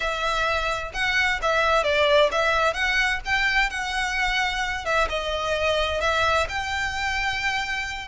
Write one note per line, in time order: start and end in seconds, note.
0.00 0.91 E5
0.93 1.40 F#5
1.42 1.83 E5
1.83 2.30 D5
2.31 2.73 E5
2.73 3.20 F#5
3.25 3.69 G5
3.69 4.85 F#5
4.85 5.08 E5
5.09 6.01 D#5
6.01 6.47 E5
6.48 8.07 G5